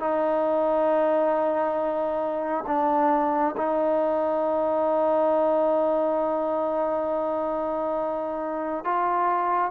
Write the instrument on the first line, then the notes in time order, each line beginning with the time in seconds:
trombone
0.00 D#4
2.67 D4
3.57 D#4
8.85 F4